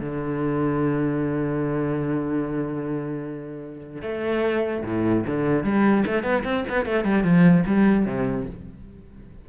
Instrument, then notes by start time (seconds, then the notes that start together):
cello
0.00 D3
4.02 A3
4.84 A2
5.27 D3
5.63 G3
6.06 A3
6.23 B3
6.44 C4
6.69 B3
6.85 A3
7.04 G3
7.23 F3
7.66 G3
8.06 C3